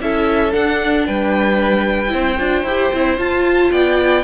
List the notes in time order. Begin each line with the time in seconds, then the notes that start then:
0.00 C#4 E4 A4 E5
0.51 D4 F#5
1.06 G3 B4 G5
2.08 C4 E4 C5
2.38 D4 F4
2.63 E4 G4
2.94 C4 E4
3.18 F4 A5
3.71 B3 D5 G5